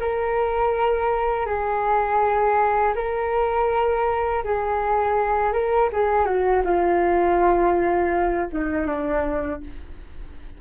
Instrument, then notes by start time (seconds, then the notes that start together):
flute
0.00 A#4
1.46 G#4
2.96 A#4
4.44 G#4
5.53 A#4
5.93 G#4
6.26 F#4
6.65 F4
8.53 D#4
8.87 D4